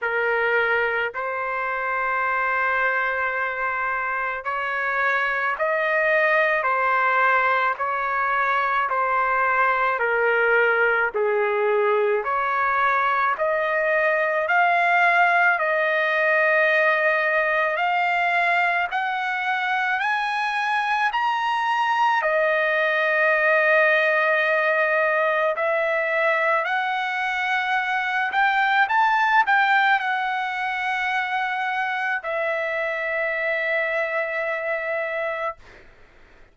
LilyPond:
\new Staff \with { instrumentName = "trumpet" } { \time 4/4 \tempo 4 = 54 ais'4 c''2. | cis''4 dis''4 c''4 cis''4 | c''4 ais'4 gis'4 cis''4 | dis''4 f''4 dis''2 |
f''4 fis''4 gis''4 ais''4 | dis''2. e''4 | fis''4. g''8 a''8 g''8 fis''4~ | fis''4 e''2. | }